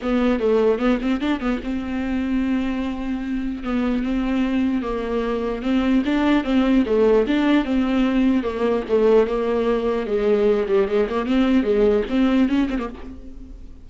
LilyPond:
\new Staff \with { instrumentName = "viola" } { \time 4/4 \tempo 4 = 149 b4 a4 b8 c'8 d'8 b8 | c'1~ | c'4 b4 c'2 | ais2 c'4 d'4 |
c'4 a4 d'4 c'4~ | c'4 ais4 a4 ais4~ | ais4 gis4. g8 gis8 ais8 | c'4 gis4 c'4 cis'8 c'16 ais16 | }